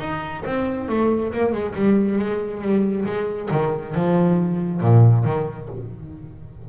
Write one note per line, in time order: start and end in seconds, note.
0.00 0.44 D#4
0.46 0.89 C4
0.89 1.33 A3
1.33 1.53 A#3
1.53 1.75 G#3
1.76 2.19 G3
2.19 2.62 G#3
2.62 3.06 G3
3.06 3.50 G#3
3.52 3.95 D#3
3.95 4.81 F3
4.81 5.25 A#2
5.25 5.69 D#3